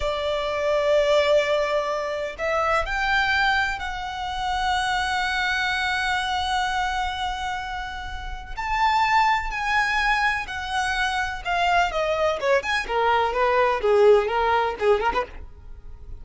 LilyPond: \new Staff \with { instrumentName = "violin" } { \time 4/4 \tempo 4 = 126 d''1~ | d''4 e''4 g''2 | fis''1~ | fis''1~ |
fis''2 a''2 | gis''2 fis''2 | f''4 dis''4 cis''8 gis''8 ais'4 | b'4 gis'4 ais'4 gis'8 ais'16 b'16 | }